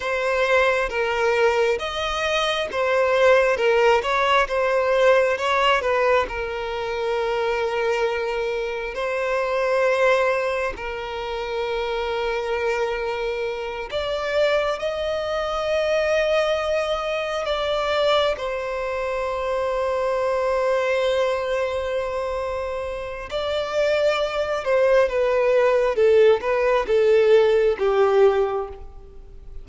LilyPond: \new Staff \with { instrumentName = "violin" } { \time 4/4 \tempo 4 = 67 c''4 ais'4 dis''4 c''4 | ais'8 cis''8 c''4 cis''8 b'8 ais'4~ | ais'2 c''2 | ais'2.~ ais'8 d''8~ |
d''8 dis''2. d''8~ | d''8 c''2.~ c''8~ | c''2 d''4. c''8 | b'4 a'8 b'8 a'4 g'4 | }